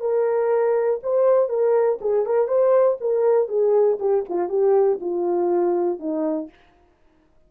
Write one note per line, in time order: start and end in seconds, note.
0.00 1.00 A#4
1.03 1.49 C5
1.49 1.99 A#4
2.01 2.26 G#4
2.26 2.48 A#4
2.48 2.98 C5
3.00 3.48 A#4
3.48 3.98 G#4
3.99 4.24 G4
4.29 4.49 F4
4.49 4.99 G4
5.00 6.00 F4
6.00 6.50 D#4